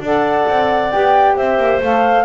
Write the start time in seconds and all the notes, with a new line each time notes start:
0.00 D4 A4 D5 F#5
0.48 C4
0.91 B3 G4 G5
1.36 C4 C5 E5
1.58 A#3
1.81 A3 A4 F5